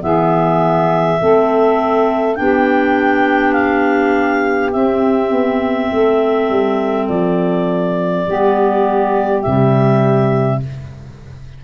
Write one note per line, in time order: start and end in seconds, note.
0.00 1.21 E3
0.00 1.18 B3
0.00 1.20 G#4
0.00 2.35 E5
1.21 2.39 A3
1.21 2.36 C4
1.21 2.39 A4
2.35 4.75 B3
2.35 4.72 D4
2.35 5.90 G4
2.35 3.52 G5
3.52 4.70 F5
4.72 8.26 C4
4.72 5.31 C4
4.72 7.08 E5
5.31 5.90 B3
5.90 6.49 A3
5.90 8.25 A4
6.49 7.08 G3
7.08 8.26 F3
7.08 9.42 D5
8.25 9.45 G3
8.25 9.44 B3
8.25 10.61 G4
9.42 10.64 C3
9.42 10.62 G3
9.42 10.60 E5